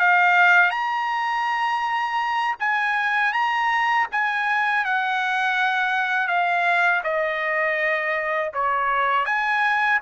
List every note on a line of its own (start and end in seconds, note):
0.00 0.71 F5
0.71 2.56 A#5
2.60 3.33 G#5
3.33 4.07 A#5
4.12 4.85 G#5
4.85 6.28 F#5
6.28 7.02 F5
7.04 8.52 D#5
8.54 9.26 C#5
9.26 10.00 G#5